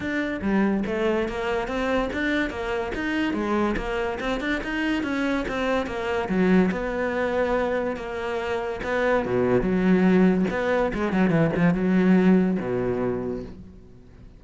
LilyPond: \new Staff \with { instrumentName = "cello" } { \time 4/4 \tempo 4 = 143 d'4 g4 a4 ais4 | c'4 d'4 ais4 dis'4 | gis4 ais4 c'8 d'8 dis'4 | cis'4 c'4 ais4 fis4 |
b2. ais4~ | ais4 b4 b,4 fis4~ | fis4 b4 gis8 fis8 e8 f8 | fis2 b,2 | }